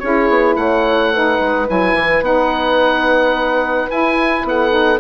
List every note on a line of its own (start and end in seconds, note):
0.00 0.30 C#4
0.00 1.13 E4
0.00 0.59 G#4
0.00 0.56 C#5
0.30 0.56 B3
0.56 1.39 A3
0.56 1.13 C#5
0.56 1.67 F#5
1.13 1.68 D#4
1.13 4.47 B4
1.40 1.68 G#3
1.68 1.94 F#3
1.68 2.23 E4
1.68 2.24 G#5
1.94 2.22 E3
2.22 3.88 B3
2.22 3.89 D#4
2.22 3.91 F#5
3.90 4.70 E4
3.90 4.44 E4
3.90 4.46 G#5
4.44 5.00 B3
4.44 5.00 A4
4.44 5.00 F#5
4.70 4.98 D#4